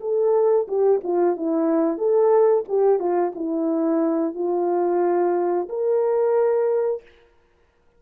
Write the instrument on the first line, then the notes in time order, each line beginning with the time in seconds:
horn
0.00 A4
0.67 G4
1.03 F4
1.36 E4
1.97 A4
2.68 G4
2.99 F4
3.35 E4
4.34 F4
5.68 A#4